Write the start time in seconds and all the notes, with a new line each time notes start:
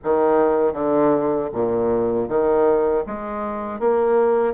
0.03 D#3
0.73 D3
1.53 A#2
2.28 D#3
3.06 G#3
3.79 A#3